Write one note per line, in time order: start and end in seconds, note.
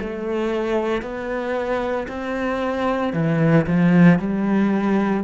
0.00 1.02 A3
1.02 2.07 B3
2.08 3.13 C4
3.13 3.66 E3
3.67 4.19 F3
4.19 5.24 G3